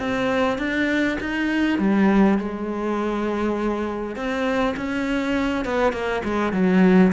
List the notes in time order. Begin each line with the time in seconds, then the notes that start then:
0.00 C4
0.59 D4
1.21 D#4
1.79 G3
2.39 G#3
4.16 C4
4.77 C#4
5.65 B3
5.93 A#3
6.25 G#3
6.53 F#3